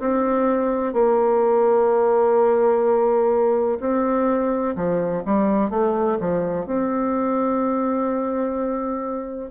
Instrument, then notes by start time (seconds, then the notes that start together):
bassoon
0.00 C4
0.93 A#3
3.80 C4
4.76 F3
5.26 G3
5.71 A3
6.20 F3
6.66 C4